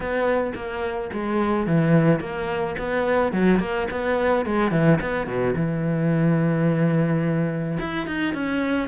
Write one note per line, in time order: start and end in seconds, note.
0.00 0.53 B3
0.55 1.10 A#3
1.12 1.66 G#3
1.66 2.20 E3
2.20 2.75 A#3
2.78 3.32 B3
3.32 3.59 F#3
3.59 3.87 A#3
3.90 4.45 B3
4.45 4.71 G#3
4.71 4.98 E3
5.00 5.26 B3
5.26 5.54 B2
5.56 7.78 E3
7.79 8.06 E4
8.06 8.34 D#4
8.34 8.88 C#4